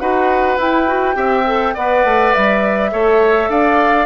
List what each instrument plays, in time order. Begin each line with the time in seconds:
0.00 bassoon D#4, clarinet F#4, oboe B4, flute F#5
0.58 bassoon E4, clarinet E4, flute G5
0.87 clarinet F#4
1.14 bassoon C4, clarinet G4, oboe E5
1.46 clarinet A4
1.74 bassoon B3, clarinet B4, oboe D5, flute F#5
2.04 bassoon A3
2.34 bassoon G3, flute E5
2.92 bassoon A3, clarinet A4, oboe C#5
3.49 bassoon D4, oboe D5, flute F5